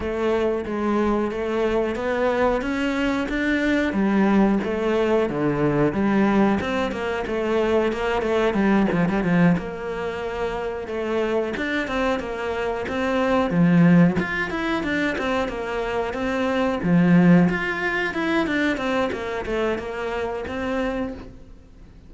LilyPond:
\new Staff \with { instrumentName = "cello" } { \time 4/4 \tempo 4 = 91 a4 gis4 a4 b4 | cis'4 d'4 g4 a4 | d4 g4 c'8 ais8 a4 | ais8 a8 g8 f16 g16 f8 ais4.~ |
ais8 a4 d'8 c'8 ais4 c'8~ | c'8 f4 f'8 e'8 d'8 c'8 ais8~ | ais8 c'4 f4 f'4 e'8 | d'8 c'8 ais8 a8 ais4 c'4 | }